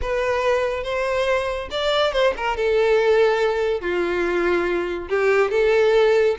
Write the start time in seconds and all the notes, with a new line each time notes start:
0.01 B4
0.83 C5
1.70 D5
2.12 C5
2.36 A#4
2.56 A4
3.80 F4
5.09 G4
5.50 A4